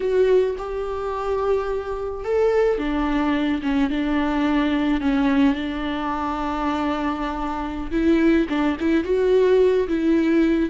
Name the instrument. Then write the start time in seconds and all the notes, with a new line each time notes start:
viola
0.00 F#4
0.58 G4
2.24 A4
2.78 D4
3.62 C#4
3.89 D4
5.00 C#4
5.54 D4
7.91 E4
8.49 D4
8.80 E4
9.04 F#4
9.87 E4